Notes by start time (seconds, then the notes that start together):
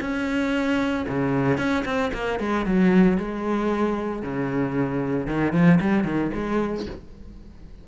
0.00 C#4
1.08 C#3
1.57 C#4
1.85 C4
2.13 A#3
2.39 G#3
2.66 F#3
3.17 G#3
4.22 C#3
5.27 D#3
5.52 F3
5.80 G3
6.04 D#3
6.33 G#3